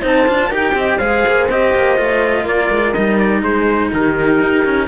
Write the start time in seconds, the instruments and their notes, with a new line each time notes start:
0.00 cello C4 D#4, horn C5, trumpet A5
0.27 cello D4 F4
0.49 cello D#4 G4, horn A#4
0.56 trumpet G5
0.74 cello C4, horn D#5
0.98 cello G#3 G#4, horn C5, trumpet F5
1.27 cello A#3
1.49 cello C4 G4, trumpet D#5
1.74 cello A#3
1.97 cello A3 F4
2.43 cello A#3, horn A#4, trumpet D5
2.70 cello G#3
2.93 cello G3 D#4, trumpet D#5
3.18 trumpet D5
3.42 cello G#3, horn G#4, trumpet C5
3.92 cello D#3, horn G4, trumpet A#4
4.40 cello D#4
4.64 cello C#4